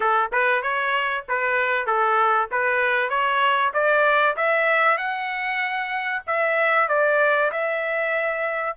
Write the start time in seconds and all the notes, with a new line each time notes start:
0.00 A4
0.32 B4
0.62 C#5
1.28 B4
1.86 A4
2.51 B4
3.09 C#5
3.73 D5
4.36 E5
4.97 F#5
6.26 E5
6.88 D5
7.51 E5